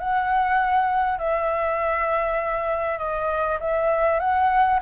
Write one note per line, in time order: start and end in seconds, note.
0.00 1.19 F#5
1.19 2.99 E5
2.99 3.59 D#5
3.60 4.20 E5
4.20 4.80 F#5